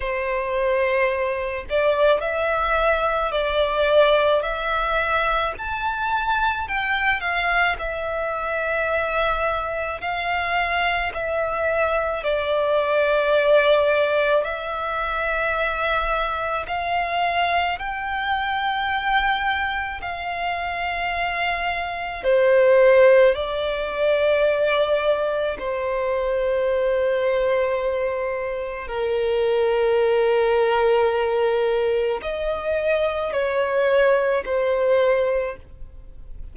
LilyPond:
\new Staff \with { instrumentName = "violin" } { \time 4/4 \tempo 4 = 54 c''4. d''8 e''4 d''4 | e''4 a''4 g''8 f''8 e''4~ | e''4 f''4 e''4 d''4~ | d''4 e''2 f''4 |
g''2 f''2 | c''4 d''2 c''4~ | c''2 ais'2~ | ais'4 dis''4 cis''4 c''4 | }